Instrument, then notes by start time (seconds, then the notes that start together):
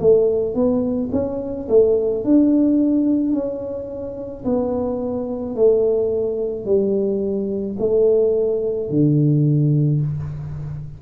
tuba
0.00 A3
0.55 B3
1.12 C#4
1.69 A3
2.24 D4
3.33 C#4
4.45 B3
5.56 A3
6.65 G3
7.79 A3
8.90 D3